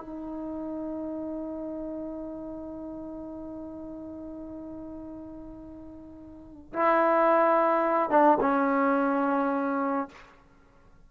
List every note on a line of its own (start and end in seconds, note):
0.00 6.73 D#4
6.73 8.10 E4
8.10 8.38 D4
8.40 10.09 C#4